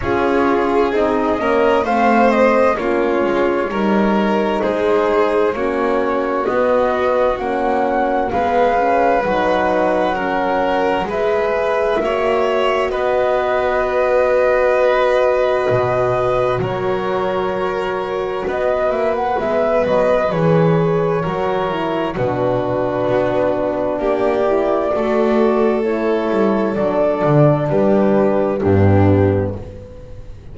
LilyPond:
<<
  \new Staff \with { instrumentName = "flute" } { \time 4/4 \tempo 4 = 65 cis''4 dis''4 f''8 dis''8 cis''4~ | cis''4 c''4 cis''4 dis''4 | fis''4 f''4 fis''2 | e''2 dis''2~ |
dis''2 cis''2 | dis''8 e''16 fis''16 e''8 dis''8 cis''2 | b'2 d''2 | cis''4 d''4 b'4 g'4 | }
  \new Staff \with { instrumentName = "violin" } { \time 4/4 gis'4. ais'8 c''4 f'4 | ais'4 gis'4 fis'2~ | fis'4 b'2 ais'4 | b'4 cis''4 b'2~ |
b'2 ais'2 | b'2. ais'4 | fis'2 g'4 a'4~ | a'2 g'4 d'4 | }
  \new Staff \with { instrumentName = "horn" } { \time 4/4 f'4 dis'8 cis'8 c'4 cis'4 | dis'2 cis'4 b4 | cis'4 b8 cis'8 dis'4 cis'4 | gis'4 fis'2.~ |
fis'1~ | fis'4 b4 gis'4 fis'8 e'8 | d'2~ d'8 e'8 fis'4 | e'4 d'2 b4 | }
  \new Staff \with { instrumentName = "double bass" } { \time 4/4 cis'4 c'8 ais8 a4 ais8 gis8 | g4 gis4 ais4 b4 | ais4 gis4 fis2 | gis4 ais4 b2~ |
b4 b,4 fis2 | b8 ais8 gis8 fis8 e4 fis4 | b,4 b4 ais4 a4~ | a8 g8 fis8 d8 g4 g,4 | }
>>